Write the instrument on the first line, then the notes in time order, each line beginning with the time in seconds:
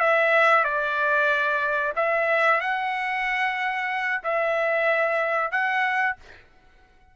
trumpet
0.00 E5
0.64 D5
1.96 E5
2.61 F#5
4.24 E5
5.52 F#5